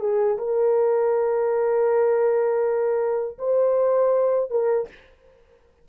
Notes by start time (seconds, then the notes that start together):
0.00 G#4
0.38 A#4
3.39 C5
4.51 A#4